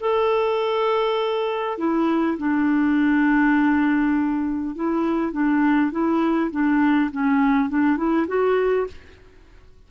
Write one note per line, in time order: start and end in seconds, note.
0.00 1.78 A4
1.78 2.37 E4
2.38 4.76 D4
4.76 5.32 E4
5.32 5.91 D4
5.91 6.51 E4
6.51 7.10 D4
7.11 7.70 C#4
7.70 7.97 D4
7.97 8.27 E4
8.27 8.87 F#4